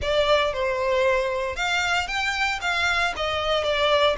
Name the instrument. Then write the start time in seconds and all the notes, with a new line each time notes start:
violin
0.01 D5
0.53 C5
1.56 F5
2.07 G5
2.61 F5
3.16 D#5
3.63 D5